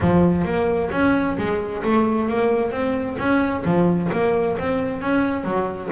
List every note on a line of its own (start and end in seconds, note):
0.01 0.44 F3
0.44 0.90 A#3
0.91 1.36 C#4
1.37 1.83 G#3
1.83 2.28 A3
2.29 2.71 A#3
2.71 3.16 C4
3.18 3.63 C#4
3.65 4.10 F3
4.12 4.57 A#3
4.58 5.01 C4
5.01 5.44 C#4
5.44 5.89 F#3